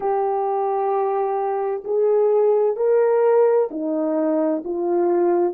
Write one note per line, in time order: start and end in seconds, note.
0.00 1.83 G4
1.84 2.76 G#4
2.76 3.68 A#4
3.70 4.63 D#4
4.64 5.53 F4